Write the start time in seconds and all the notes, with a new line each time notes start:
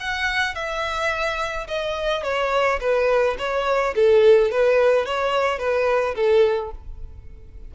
0.00 F#5
0.55 E5
1.67 D#5
2.23 C#5
2.80 B4
3.38 C#5
3.95 A4
4.51 B4
5.05 C#5
5.59 B4
6.15 A4